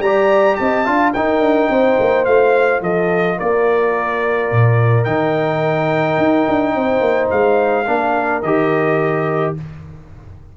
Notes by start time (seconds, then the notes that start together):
0.00 G3 G4 D5 A#5
0.56 C4 D#5 A5
0.85 D4 F4 F5
1.14 D#4 A#4 G5
1.40 D4
1.70 C4 C5
1.99 A#3
2.25 A3 F4 F5
2.81 F3 A4 D#5
3.37 A#3 A#4 D5
4.52 A#2
5.04 D#3 D#4 G5
6.18 D#4
6.49 D4
6.75 C4 C5
7.01 A#3
7.30 G#3 F5
7.87 A#3 D4 A#4
8.42 D#3 G4 D#5